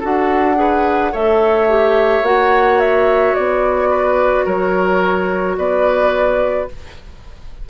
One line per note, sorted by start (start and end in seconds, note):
0.00 1.14 D4
0.00 0.56 F#4
0.00 0.56 A4
0.00 1.15 F#5
0.56 1.11 G#4
0.56 1.12 B4
1.12 2.22 A3
1.12 1.67 A4
1.12 3.90 C#5
1.12 2.25 E5
1.69 2.24 G4
2.22 3.33 A#3
2.22 6.69 F#4
2.22 2.80 F#5
2.80 3.35 E5
3.35 4.46 B3
3.35 4.46 D5
3.90 4.45 B4
4.45 5.57 F#3
4.45 5.56 A#4
4.45 5.57 C#5
5.57 6.68 B3
5.57 6.69 B4
5.57 6.69 D5